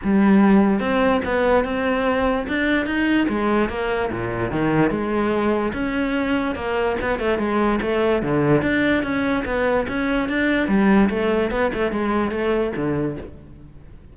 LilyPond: \new Staff \with { instrumentName = "cello" } { \time 4/4 \tempo 4 = 146 g2 c'4 b4 | c'2 d'4 dis'4 | gis4 ais4 ais,4 dis4 | gis2 cis'2 |
ais4 b8 a8 gis4 a4 | d4 d'4 cis'4 b4 | cis'4 d'4 g4 a4 | b8 a8 gis4 a4 d4 | }